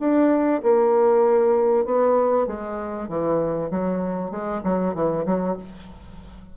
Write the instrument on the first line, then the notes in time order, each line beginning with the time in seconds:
bassoon
0.00 D4
0.63 A#3
1.86 B3
2.47 G#3
3.09 E3
3.71 F#3
4.31 G#3
4.64 F#3
4.95 E3
5.26 F#3